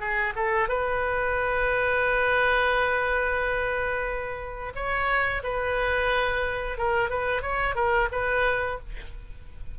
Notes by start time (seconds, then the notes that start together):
0.00 G#4
0.36 A4
0.69 B4
4.75 C#5
5.43 B4
6.78 A#4
7.10 B4
7.42 C#5
7.75 A#4
8.12 B4